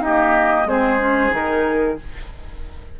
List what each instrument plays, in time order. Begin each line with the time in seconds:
0.00 clarinet A#3, bassoon D#4, oboe G4, flute D#5
0.65 bassoon G#3, clarinet C4, oboe G#4, flute C5
0.98 clarinet C#4
1.30 bassoon D#3, clarinet D#4, flute A#4